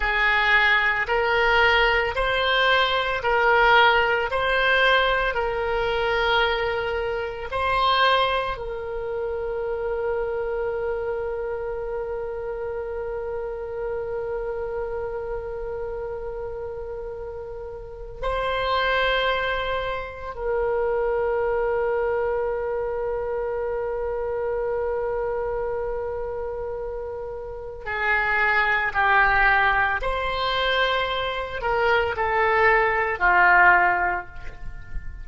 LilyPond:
\new Staff \with { instrumentName = "oboe" } { \time 4/4 \tempo 4 = 56 gis'4 ais'4 c''4 ais'4 | c''4 ais'2 c''4 | ais'1~ | ais'1~ |
ais'4 c''2 ais'4~ | ais'1~ | ais'2 gis'4 g'4 | c''4. ais'8 a'4 f'4 | }